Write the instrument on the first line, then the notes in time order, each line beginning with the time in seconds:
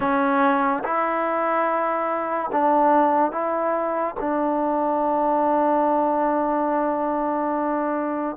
trombone
0.00 C#4
0.83 E4
2.52 D4
3.31 E4
4.20 D4